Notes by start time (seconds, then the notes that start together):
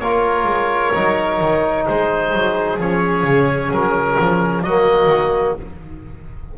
0.00 A#3 F4 A#4 C#5
0.44 G#3
0.95 F#3 D#4
1.41 D#3
1.88 G#3 G#4 C5
2.33 F#3
2.78 F3 C#4 C#5
3.24 C#3
3.71 F#3 A#4
4.20 F3
4.64 F#3 A#3 F#4 D#5
5.07 D#3